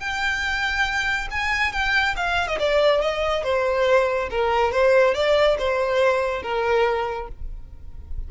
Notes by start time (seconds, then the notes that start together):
0.00 G5
1.31 G#5
1.73 G5
2.17 F5
2.48 D#5
2.59 D5
3.02 D#5
3.44 C5
4.31 A#4
4.72 C5
5.15 D5
5.59 C5
6.43 A#4